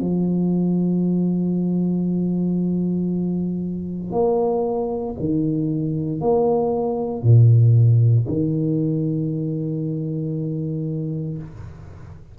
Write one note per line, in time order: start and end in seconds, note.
0.00 4.12 F3
4.12 5.15 A#3
5.20 6.21 D#3
6.21 7.23 A#3
7.23 8.26 A#2
8.28 11.38 D#3